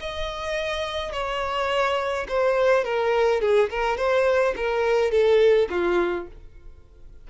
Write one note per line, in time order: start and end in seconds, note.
0.00 1.12 D#5
1.12 2.27 C#5
2.29 2.85 C5
2.85 3.41 A#4
3.41 3.70 G#4
3.70 3.97 A#4
3.97 4.54 C5
4.56 5.11 A#4
5.11 5.68 A4
5.70 6.27 F4